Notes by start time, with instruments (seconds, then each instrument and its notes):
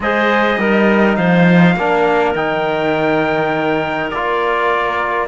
0.00 cello G#3, trombone G#4, clarinet C5, trumpet D#5
0.58 cello G3, trombone D#4, clarinet A#4
1.16 cello F3, clarinet C5, trumpet F5
1.76 cello A#3, trombone D4, clarinet A#4
2.35 cello D#3, trombone D#4, trumpet G5
4.10 cello A#3, trombone F4, trumpet D5